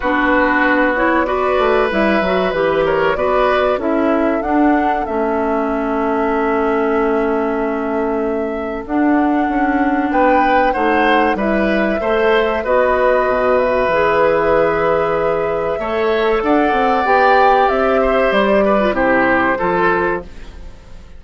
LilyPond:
<<
  \new Staff \with { instrumentName = "flute" } { \time 4/4 \tempo 4 = 95 b'4. cis''8 d''4 e''4 | b'8 cis''8 d''4 e''4 fis''4 | e''1~ | e''2 fis''2 |
g''4 fis''4 e''2 | dis''4. e''2~ e''8~ | e''2 fis''4 g''4 | e''4 d''4 c''2 | }
  \new Staff \with { instrumentName = "oboe" } { \time 4/4 fis'2 b'2~ | b'8 ais'8 b'4 a'2~ | a'1~ | a'1 |
b'4 c''4 b'4 c''4 | b'1~ | b'4 cis''4 d''2~ | d''8 c''4 b'8 g'4 a'4 | }
  \new Staff \with { instrumentName = "clarinet" } { \time 4/4 d'4. e'8 fis'4 e'8 fis'8 | g'4 fis'4 e'4 d'4 | cis'1~ | cis'2 d'2~ |
d'4 dis'4 e'4 a'4 | fis'2 gis'2~ | gis'4 a'2 g'4~ | g'4.~ g'16 f'16 e'4 f'4 | }
  \new Staff \with { instrumentName = "bassoon" } { \time 4/4 b2~ b8 a8 g8 fis8 | e4 b4 cis'4 d'4 | a1~ | a2 d'4 cis'4 |
b4 a4 g4 a4 | b4 b,4 e2~ | e4 a4 d'8 c'8 b4 | c'4 g4 c4 f4 | }
>>